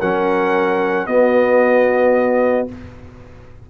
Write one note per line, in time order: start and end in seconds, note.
0.00 1.06 F#3
0.00 1.07 C#4
0.00 1.07 A#4
0.00 1.06 F#5
1.06 2.67 B3
1.06 2.68 B3
1.06 2.70 F#4
1.06 2.67 D#5